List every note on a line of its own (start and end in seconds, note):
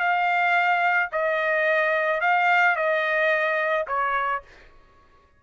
0.00 1.10 F5
1.12 2.21 D#5
2.21 2.76 F5
2.76 3.87 D#5
3.88 4.43 C#5